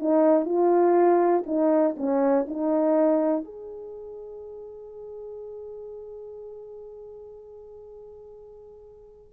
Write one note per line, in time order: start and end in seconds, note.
0.00 0.46 D#4
0.46 1.44 F4
1.46 1.95 D#4
1.97 2.46 C#4
2.48 3.45 D#4
3.45 9.34 G#4